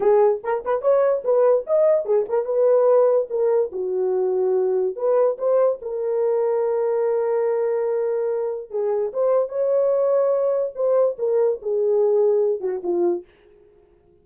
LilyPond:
\new Staff \with { instrumentName = "horn" } { \time 4/4 \tempo 4 = 145 gis'4 ais'8 b'8 cis''4 b'4 | dis''4 gis'8 ais'8 b'2 | ais'4 fis'2. | b'4 c''4 ais'2~ |
ais'1~ | ais'4 gis'4 c''4 cis''4~ | cis''2 c''4 ais'4 | gis'2~ gis'8 fis'8 f'4 | }